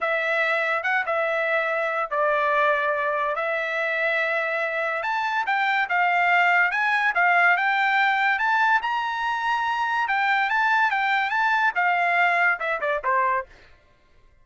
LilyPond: \new Staff \with { instrumentName = "trumpet" } { \time 4/4 \tempo 4 = 143 e''2 fis''8 e''4.~ | e''4 d''2. | e''1 | a''4 g''4 f''2 |
gis''4 f''4 g''2 | a''4 ais''2. | g''4 a''4 g''4 a''4 | f''2 e''8 d''8 c''4 | }